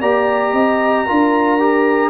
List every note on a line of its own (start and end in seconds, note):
0.00 0.53 A#3
0.00 1.07 G4
0.00 0.53 D5
0.00 2.09 A#5
0.53 1.05 C4
0.53 1.05 D#5
1.06 2.09 D4
1.06 1.59 F4
1.06 2.09 A#4
1.59 2.09 G4